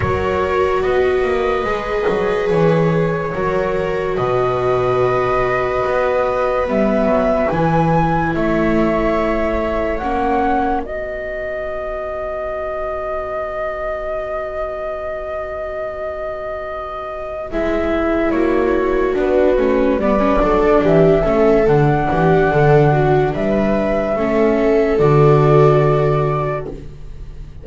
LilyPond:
<<
  \new Staff \with { instrumentName = "flute" } { \time 4/4 \tempo 4 = 72 cis''4 dis''2 cis''4~ | cis''4 dis''2. | e''4 gis''4 e''2 | fis''4 dis''2.~ |
dis''1~ | dis''4 e''4 cis''4 b'4 | d''4 e''4 fis''2 | e''2 d''2 | }
  \new Staff \with { instrumentName = "viola" } { \time 4/4 ais'4 b'2. | ais'4 b'2.~ | b'2 cis''2~ | cis''4 b'2.~ |
b'1~ | b'2 fis'2 | b'8 a'8 g'8 a'4 g'8 a'8 fis'8 | b'4 a'2. | }
  \new Staff \with { instrumentName = "viola" } { \time 4/4 fis'2 gis'2 | fis'1 | b4 e'2. | cis'4 fis'2.~ |
fis'1~ | fis'4 e'2 d'8 cis'8 | b16 cis'16 d'4 cis'8 d'2~ | d'4 cis'4 fis'2 | }
  \new Staff \with { instrumentName = "double bass" } { \time 4/4 fis4 b8 ais8 gis8 fis8 e4 | fis4 b,2 b4 | g8 fis8 e4 a2 | ais4 b2.~ |
b1~ | b4 gis4 ais4 b8 a8 | g8 fis8 e8 a8 d8 e8 d4 | g4 a4 d2 | }
>>